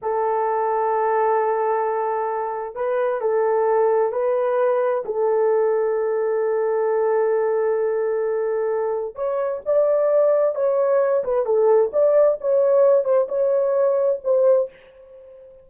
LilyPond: \new Staff \with { instrumentName = "horn" } { \time 4/4 \tempo 4 = 131 a'1~ | a'2 b'4 a'4~ | a'4 b'2 a'4~ | a'1~ |
a'1 | cis''4 d''2 cis''4~ | cis''8 b'8 a'4 d''4 cis''4~ | cis''8 c''8 cis''2 c''4 | }